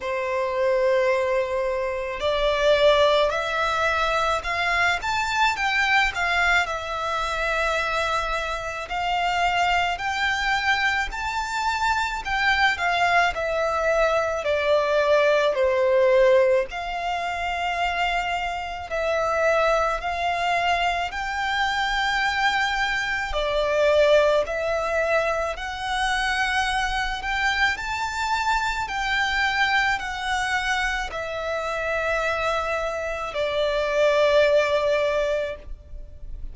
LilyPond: \new Staff \with { instrumentName = "violin" } { \time 4/4 \tempo 4 = 54 c''2 d''4 e''4 | f''8 a''8 g''8 f''8 e''2 | f''4 g''4 a''4 g''8 f''8 | e''4 d''4 c''4 f''4~ |
f''4 e''4 f''4 g''4~ | g''4 d''4 e''4 fis''4~ | fis''8 g''8 a''4 g''4 fis''4 | e''2 d''2 | }